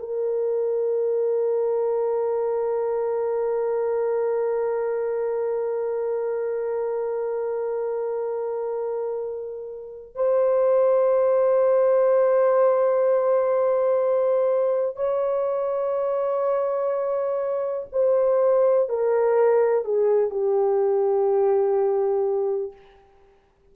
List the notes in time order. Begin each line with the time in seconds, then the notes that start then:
0.00 A#4
10.15 C5
14.96 C#5
17.93 C5
18.89 A#4
19.85 G#4
20.30 G4